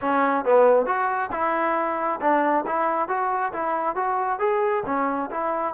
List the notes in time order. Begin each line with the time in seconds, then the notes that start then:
0.01 C#4
0.45 B3
0.86 F#4
1.31 E4
2.20 D4
2.66 E4
3.08 F#4
3.53 E4
3.95 F#4
4.39 G#4
4.85 C#4
5.30 E4